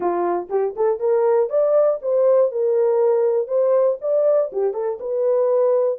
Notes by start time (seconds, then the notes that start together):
0.00 F4
0.49 G4
0.75 A4
0.99 A#4
1.49 D5
2.02 C5
2.51 A#4
3.47 C5
4.01 D5
4.52 G4
4.73 A4
5.00 B4